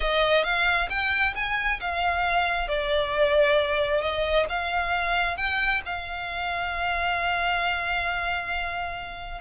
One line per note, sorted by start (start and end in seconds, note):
0.00 0.44 D#5
0.44 0.89 F5
0.89 1.34 G5
1.35 1.80 G#5
1.80 2.68 F5
2.68 4.01 D5
4.01 4.46 D#5
4.49 5.36 F5
5.36 5.81 G5
5.85 9.41 F5